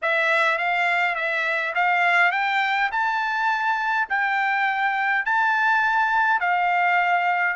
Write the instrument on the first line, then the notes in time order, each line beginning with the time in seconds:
trumpet
0.02 E5
0.57 F5
1.15 E5
1.74 F5
2.31 G5
2.91 A5
4.09 G5
5.25 A5
6.39 F5